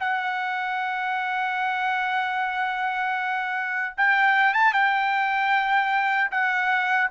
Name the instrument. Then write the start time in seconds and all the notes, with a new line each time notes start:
trumpet
0.00 F#5
3.97 G5
4.54 A5
4.73 G5
6.31 F#5